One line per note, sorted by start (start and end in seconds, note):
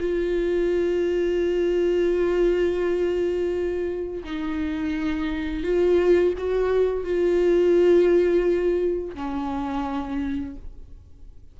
0.00 4.24 F4
4.24 5.63 D#4
5.63 6.34 F4
6.38 7.04 F#4
7.04 9.15 F4
9.15 10.56 C#4